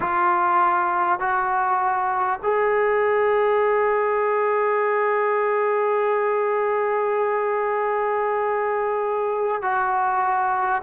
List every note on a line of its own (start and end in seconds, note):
0.00 1.19 F4
1.19 2.39 F#4
2.42 9.62 G#4
9.62 10.82 F#4